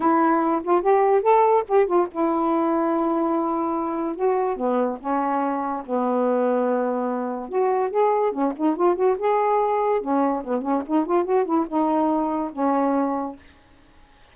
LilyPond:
\new Staff \with { instrumentName = "saxophone" } { \time 4/4 \tempo 4 = 144 e'4. f'8 g'4 a'4 | g'8 f'8 e'2.~ | e'2 fis'4 b4 | cis'2 b2~ |
b2 fis'4 gis'4 | cis'8 dis'8 f'8 fis'8 gis'2 | cis'4 b8 cis'8 dis'8 f'8 fis'8 e'8 | dis'2 cis'2 | }